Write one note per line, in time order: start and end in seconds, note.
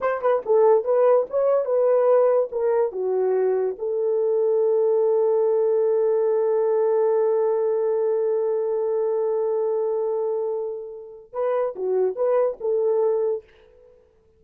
0.00 0.21 C5
0.21 0.42 B4
0.45 0.84 A4
0.84 1.26 B4
1.29 1.65 C#5
1.65 2.49 B4
2.51 2.92 A#4
2.92 3.76 F#4
3.78 11.32 A4
11.32 11.74 B4
11.75 12.15 F#4
12.15 12.57 B4
12.60 13.44 A4